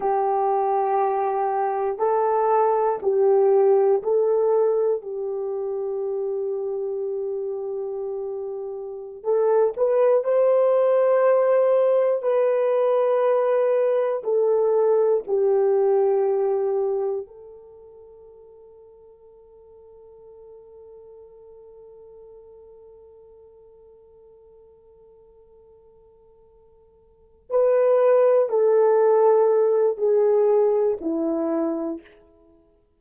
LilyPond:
\new Staff \with { instrumentName = "horn" } { \time 4/4 \tempo 4 = 60 g'2 a'4 g'4 | a'4 g'2.~ | g'4~ g'16 a'8 b'8 c''4.~ c''16~ | c''16 b'2 a'4 g'8.~ |
g'4~ g'16 a'2~ a'8.~ | a'1~ | a'2.~ a'8 b'8~ | b'8 a'4. gis'4 e'4 | }